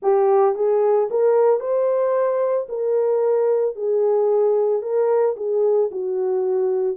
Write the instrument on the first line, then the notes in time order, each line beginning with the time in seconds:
horn
0.02 G4
0.55 G#4
1.10 A#4
1.59 C5
2.69 A#4
3.75 G#4
4.82 A#4
5.36 G#4
5.91 F#4